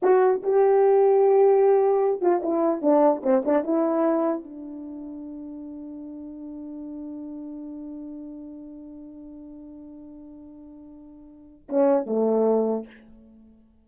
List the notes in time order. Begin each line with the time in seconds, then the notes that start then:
0.02 F#4
0.42 G4
2.21 F4
2.42 E4
2.81 D4
3.23 C4
3.45 D4
3.63 E4
4.43 D4
11.68 C#4
12.06 A3